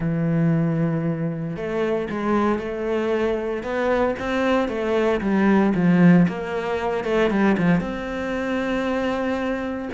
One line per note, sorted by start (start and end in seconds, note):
0.00 1.56 E3
1.56 2.08 A3
2.10 2.58 G#3
2.58 3.63 A3
3.63 4.15 B3
4.19 4.68 C4
4.68 5.20 A3
5.20 5.72 G3
5.74 6.27 F3
6.28 7.04 A#3
7.04 7.30 A3
7.30 7.56 G3
7.57 7.80 F3
7.80 9.89 C4